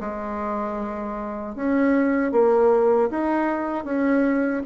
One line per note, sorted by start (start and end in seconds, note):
0.00 1.55 G#3
1.55 2.32 C#4
2.32 3.10 A#3
3.10 3.85 D#4
3.85 4.63 C#4